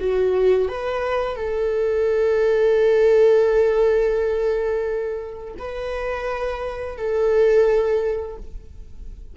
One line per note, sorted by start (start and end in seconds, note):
0.00 0.69 F#4
0.69 1.36 B4
1.36 5.55 A4
5.59 6.98 B4
6.98 8.37 A4